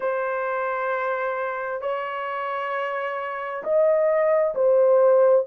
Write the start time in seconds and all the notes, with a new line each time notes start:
0.00 C5
1.81 C#5
3.63 D#5
4.55 C5